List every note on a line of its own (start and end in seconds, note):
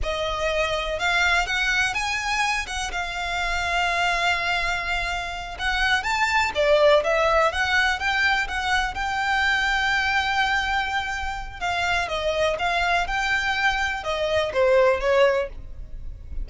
0.02 0.99 D#5
0.99 1.46 F5
1.46 1.94 F#5
1.94 2.66 G#5
2.66 2.91 F#5
2.91 5.57 F5
5.58 6.03 F#5
6.03 6.51 A5
6.54 7.03 D5
7.03 7.52 E5
7.52 7.99 F#5
7.99 8.47 G5
8.48 8.94 F#5
8.94 11.60 G5
11.60 12.08 F5
12.08 12.57 D#5
12.58 13.07 F5
13.07 14.03 G5
14.03 14.52 D#5
14.53 15.00 C5
15.00 15.48 C#5